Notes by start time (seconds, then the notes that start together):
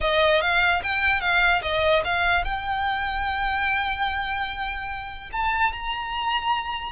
0.00 D#5
0.41 F5
0.83 G5
1.20 F5
1.62 D#5
2.04 F5
2.44 G5
5.32 A5
5.72 A#5